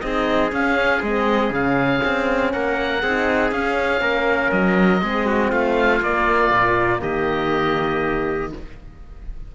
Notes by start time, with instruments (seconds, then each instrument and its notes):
0.00 cello C4, horn D#4, trumpet G#4, oboe D#5
0.51 horn C#4, cello C#4, oboe F5
1.02 cello G#3, horn C4, oboe D#5
1.50 cello C#3, horn C#4, oboe F5
2.05 cello C4
2.52 cello A#3, trumpet A#4, oboe F#5
3.02 cello C4, horn D#4, trumpet G#4
3.51 cello C#4, horn C#4, oboe F5
4.01 cello A#3, trumpet A#4
4.52 cello F#3, oboe D#5
5.01 cello G#3, horn C4, trumpet G#4
5.26 trumpet F#4
5.50 cello A3, trumpet F4, oboe F5
6.01 cello A#3, horn A#3, oboe D5
6.51 cello A#2
7.01 cello D#3, trumpet G4, oboe D#5